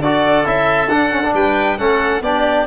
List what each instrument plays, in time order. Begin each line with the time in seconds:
0.00 tuba D4, trombone F#4, oboe A4, violin D5
0.45 tuba C#4, trombone E4, violin E5
0.88 tuba D4, trombone D4, violin F#5
1.12 trombone C#4
1.23 trombone D4
1.34 tuba G3, oboe B4, violin G5
1.78 tuba A3, trombone C#4, oboe A4, violin F#5
2.21 tuba B3, trombone D4, oboe G4, violin D5